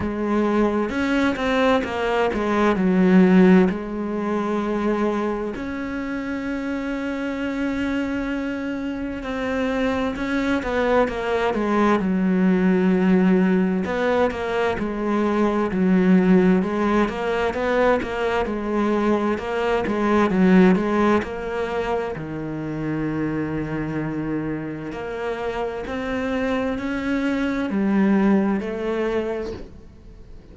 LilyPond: \new Staff \with { instrumentName = "cello" } { \time 4/4 \tempo 4 = 65 gis4 cis'8 c'8 ais8 gis8 fis4 | gis2 cis'2~ | cis'2 c'4 cis'8 b8 | ais8 gis8 fis2 b8 ais8 |
gis4 fis4 gis8 ais8 b8 ais8 | gis4 ais8 gis8 fis8 gis8 ais4 | dis2. ais4 | c'4 cis'4 g4 a4 | }